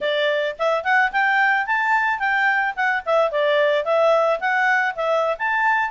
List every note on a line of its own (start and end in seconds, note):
0.01 0.56 D5
0.58 0.84 E5
0.84 1.11 F#5
1.12 1.66 G5
1.66 2.19 A5
2.19 2.74 G5
2.75 3.03 F#5
3.05 3.31 E5
3.31 3.84 D5
3.84 4.39 E5
4.40 4.95 F#5
4.95 5.37 E5
5.38 5.90 A5